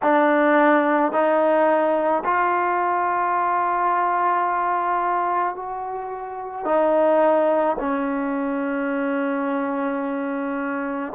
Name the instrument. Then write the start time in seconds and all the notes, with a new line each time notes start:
trombone
0.02 D4
1.12 D#4
2.24 F4
5.56 F#4
6.65 D#4
7.79 C#4